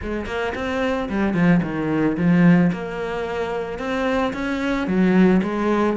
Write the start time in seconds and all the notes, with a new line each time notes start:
0.02 G#3
0.26 A#3
0.54 C4
1.09 G3
1.34 F3
1.62 D#3
2.17 F3
2.72 A#3
3.78 C4
4.33 C#4
4.87 F#3
5.42 G#3